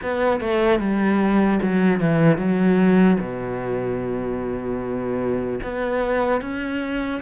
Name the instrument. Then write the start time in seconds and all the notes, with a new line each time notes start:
cello
0.02 B3
0.40 A3
0.79 G3
1.62 F#3
2.00 E3
2.37 F#3
3.19 B2
5.63 B3
6.41 C#4